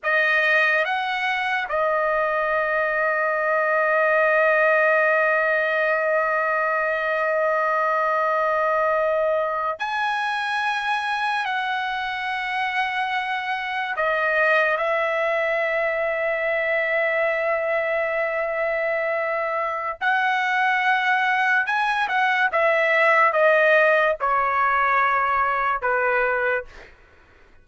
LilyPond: \new Staff \with { instrumentName = "trumpet" } { \time 4/4 \tempo 4 = 72 dis''4 fis''4 dis''2~ | dis''1~ | dis''2.~ dis''8. gis''16~ | gis''4.~ gis''16 fis''2~ fis''16~ |
fis''8. dis''4 e''2~ e''16~ | e''1 | fis''2 gis''8 fis''8 e''4 | dis''4 cis''2 b'4 | }